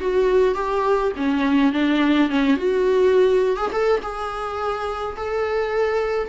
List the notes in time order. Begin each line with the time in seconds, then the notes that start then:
0.00 F#4
0.54 G4
1.16 C#4
1.72 D4
2.29 C#4
2.56 F#4
3.56 G#4
3.72 A4
4.02 G#4
5.16 A4